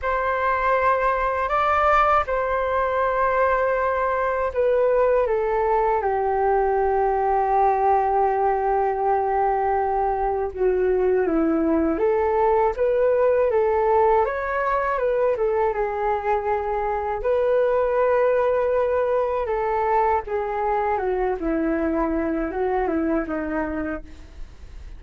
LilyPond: \new Staff \with { instrumentName = "flute" } { \time 4/4 \tempo 4 = 80 c''2 d''4 c''4~ | c''2 b'4 a'4 | g'1~ | g'2 fis'4 e'4 |
a'4 b'4 a'4 cis''4 | b'8 a'8 gis'2 b'4~ | b'2 a'4 gis'4 | fis'8 e'4. fis'8 e'8 dis'4 | }